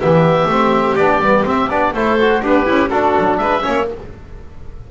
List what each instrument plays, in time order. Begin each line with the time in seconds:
0.00 double bass E3, trombone B3, violin G4, oboe E5
0.46 double bass A3, trombone C4
0.96 double bass B3, trombone D4, oboe D5
1.20 double bass G3, trombone B3
1.44 trombone C4, double bass C4, oboe E5
1.69 double bass B3, trombone D4, oboe D5
1.93 double bass A3, trombone E4, violin A4, oboe C5
2.20 trombone F#4
2.42 double bass B3, violin D4, trombone G4, oboe B4
2.65 double bass C#4, violin E4
2.89 double bass D4, trombone D4, violin F#4, oboe A4
3.19 double bass F#3
3.37 double bass G#3, violin B4, oboe E5
3.61 double bass A#3, trombone C#4, violin C#5